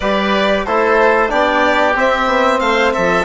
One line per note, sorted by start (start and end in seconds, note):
0.00 0.66 G3
0.00 0.67 G4
0.00 0.65 B4
0.00 0.65 D5
0.65 1.31 A3
0.65 1.29 E4
0.65 1.30 A4
0.65 1.30 C5
1.29 1.95 B3
1.29 1.94 D4
1.29 2.60 G4
1.29 1.95 D5
1.95 3.25 C4
1.95 2.26 C4
1.95 2.59 E5
2.26 2.58 B3
2.59 2.93 A3
2.59 2.92 C5
2.59 2.92 F5
2.92 3.25 F3
2.92 3.25 A4
2.92 3.25 E5